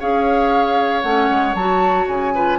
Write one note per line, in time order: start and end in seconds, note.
0.00 1.04 C#4
0.00 1.03 G#4
0.00 2.35 C#5
0.00 1.02 F5
1.02 1.30 A3
1.02 1.55 C#4
1.02 1.54 F#5
1.30 1.55 G#3
1.55 2.07 F#3
1.55 2.35 F#4
1.55 2.07 A5
2.08 2.59 C#3
2.08 2.59 G#5
2.35 2.59 F4
2.35 2.59 B4